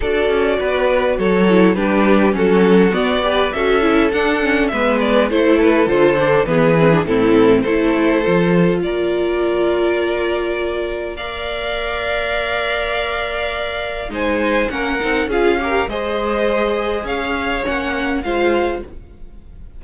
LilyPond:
<<
  \new Staff \with { instrumentName = "violin" } { \time 4/4 \tempo 4 = 102 d''2 cis''4 b'4 | a'4 d''4 e''4 fis''4 | e''8 d''8 c''8 b'8 c''4 b'4 | a'4 c''2 d''4~ |
d''2. f''4~ | f''1 | gis''4 fis''4 f''4 dis''4~ | dis''4 f''4 fis''4 f''4 | }
  \new Staff \with { instrumentName = "violin" } { \time 4/4 a'4 b'4 a'4 g'4 | fis'4. b'8 a'2 | b'4 a'2 gis'4 | e'4 a'2 ais'4~ |
ais'2. d''4~ | d''1 | c''4 ais'4 gis'8 ais'8 c''4~ | c''4 cis''2 c''4 | }
  \new Staff \with { instrumentName = "viola" } { \time 4/4 fis'2~ fis'8 e'8 d'4 | cis'4 b8 g'8 fis'8 e'8 d'8 cis'8 | b4 e'4 f'8 d'8 b8 c'16 d'16 | c'4 e'4 f'2~ |
f'2. ais'4~ | ais'1 | dis'4 cis'8 dis'8 f'8 g'8 gis'4~ | gis'2 cis'4 f'4 | }
  \new Staff \with { instrumentName = "cello" } { \time 4/4 d'8 cis'8 b4 fis4 g4 | fis4 b4 cis'4 d'4 | gis4 a4 d4 e4 | a,4 a4 f4 ais4~ |
ais1~ | ais1 | gis4 ais8 c'8 cis'4 gis4~ | gis4 cis'4 ais4 gis4 | }
>>